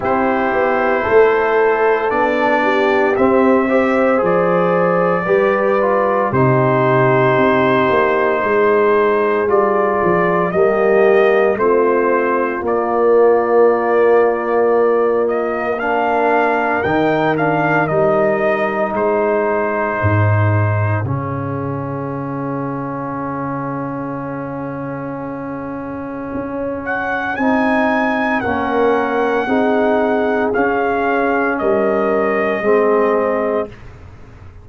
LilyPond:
<<
  \new Staff \with { instrumentName = "trumpet" } { \time 4/4 \tempo 4 = 57 c''2 d''4 e''4 | d''2 c''2~ | c''4 d''4 dis''4 c''4 | d''2~ d''8 dis''8 f''4 |
g''8 f''8 dis''4 c''2 | f''1~ | f''4. fis''8 gis''4 fis''4~ | fis''4 f''4 dis''2 | }
  \new Staff \with { instrumentName = "horn" } { \time 4/4 g'4 a'4. g'4 c''8~ | c''4 b'4 g'2 | gis'2 g'4 f'4~ | f'2. ais'4~ |
ais'2 gis'2~ | gis'1~ | gis'2. ais'4 | gis'2 ais'4 gis'4 | }
  \new Staff \with { instrumentName = "trombone" } { \time 4/4 e'2 d'4 c'8 g'8 | gis'4 g'8 f'8 dis'2~ | dis'4 f'4 ais4 c'4 | ais2. d'4 |
dis'8 d'8 dis'2. | cis'1~ | cis'2 dis'4 cis'4 | dis'4 cis'2 c'4 | }
  \new Staff \with { instrumentName = "tuba" } { \time 4/4 c'8 b8 a4 b4 c'4 | f4 g4 c4 c'8 ais8 | gis4 g8 f8 g4 a4 | ais1 |
dis4 g4 gis4 gis,4 | cis1~ | cis4 cis'4 c'4 ais4 | c'4 cis'4 g4 gis4 | }
>>